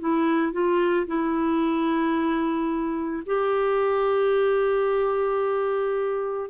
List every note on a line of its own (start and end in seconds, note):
0.00 0.52 E4
0.52 1.06 F4
1.07 3.23 E4
3.26 6.50 G4